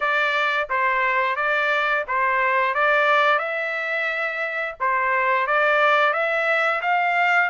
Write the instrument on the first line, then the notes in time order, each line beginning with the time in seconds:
trumpet
0.00 D5
0.69 C5
1.36 D5
2.07 C5
2.74 D5
3.38 E5
4.79 C5
5.46 D5
6.13 E5
6.82 F5